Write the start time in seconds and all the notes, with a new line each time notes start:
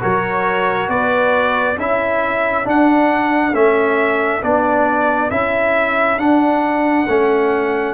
0.00 F#3 F#4 A#4 C#5
0.89 B3 B4 D5
1.78 C#4 E4 A4 E5
2.65 D4 F#5
3.54 A3 C#4 E5
4.43 B3 D4 D5
5.31 C#4 E4 E5
6.18 D4 F#5
7.09 A3 C#4